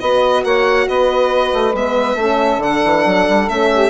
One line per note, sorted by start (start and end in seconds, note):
0.00 0.44 B3
0.00 1.74 F#4
0.00 0.44 B4
0.00 0.43 D#5
0.44 0.87 A#3
0.44 0.87 C#5
0.44 0.88 F#5
0.87 1.53 B3
0.87 2.17 B4
0.87 1.75 D#5
1.53 1.74 A3
1.74 2.15 G#3
1.74 2.19 B3
1.74 2.62 E5
2.15 2.58 A3
2.15 2.62 C#4
2.15 3.72 A4
2.58 2.80 D3
2.58 3.49 D4
2.58 3.49 F#5
2.84 3.05 E3
3.05 3.27 F#3
3.29 3.49 G3
3.49 3.90 A3
3.49 3.90 C#4
3.49 3.90 E5
3.72 3.90 G4